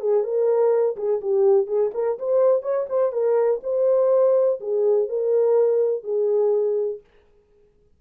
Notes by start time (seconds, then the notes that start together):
0.00 G#4
0.23 A#4
0.97 G#4
1.21 G4
1.67 G#4
1.94 A#4
2.19 C5
2.62 C#5
2.89 C5
3.12 A#4
3.63 C5
4.60 G#4
5.09 A#4
6.04 G#4